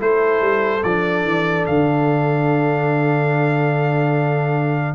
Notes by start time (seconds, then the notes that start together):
0.00 A3 E4 A4 C5
0.41 G3
0.84 F3 D4 D5
1.24 E3
1.67 D3 F5